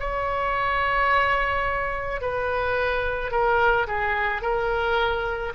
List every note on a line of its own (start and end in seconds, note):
0.00 2.22 C#5
2.22 3.32 B4
3.32 3.87 A#4
3.87 4.42 G#4
4.42 5.54 A#4